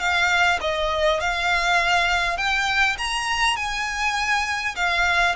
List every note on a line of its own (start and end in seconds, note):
0.00 0.59 F5
0.61 1.21 D#5
1.21 2.38 F5
2.38 2.97 G5
2.99 3.57 A#5
3.57 4.76 G#5
4.76 5.35 F5